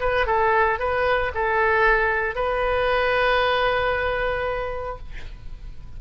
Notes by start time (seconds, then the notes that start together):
0.00 B4
0.27 A4
0.79 B4
1.34 A4
2.35 B4